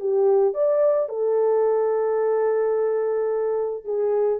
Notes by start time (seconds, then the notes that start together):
0.00 G4
0.54 D5
1.09 A4
3.84 G#4